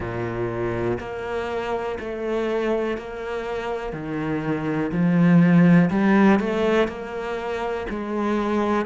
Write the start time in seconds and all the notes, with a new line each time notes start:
0.00 A#2
1.00 A#3
1.99 A3
2.97 A#3
3.93 D#3
4.91 F3
5.90 G3
6.39 A3
6.88 A#3
7.89 G#3